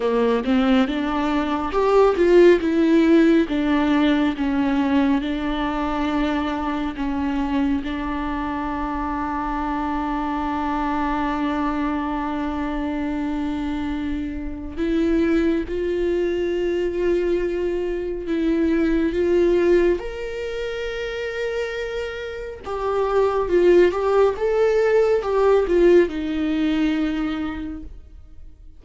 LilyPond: \new Staff \with { instrumentName = "viola" } { \time 4/4 \tempo 4 = 69 ais8 c'8 d'4 g'8 f'8 e'4 | d'4 cis'4 d'2 | cis'4 d'2.~ | d'1~ |
d'4 e'4 f'2~ | f'4 e'4 f'4 ais'4~ | ais'2 g'4 f'8 g'8 | a'4 g'8 f'8 dis'2 | }